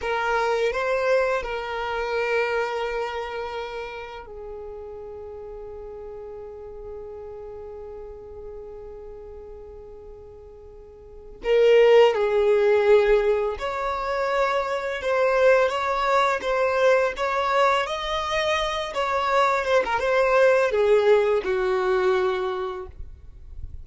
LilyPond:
\new Staff \with { instrumentName = "violin" } { \time 4/4 \tempo 4 = 84 ais'4 c''4 ais'2~ | ais'2 gis'2~ | gis'1~ | gis'1 |
ais'4 gis'2 cis''4~ | cis''4 c''4 cis''4 c''4 | cis''4 dis''4. cis''4 c''16 ais'16 | c''4 gis'4 fis'2 | }